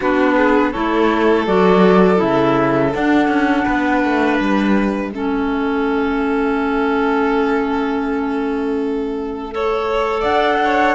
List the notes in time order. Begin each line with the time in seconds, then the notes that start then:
0.00 B3 D4 F#4 B4
0.37 G#4
0.71 A3 E4 A4 C#5
1.46 F#3 F#4 D5
2.16 C#3 E4 E5
2.93 D4 F#5
3.27 C#4
3.64 B3 B4
4.04 A3
4.37 G3 E5
5.11 A3 C#4 A4
9.51 A4 C#5
10.20 D4 D5 F#5
10.64 C#5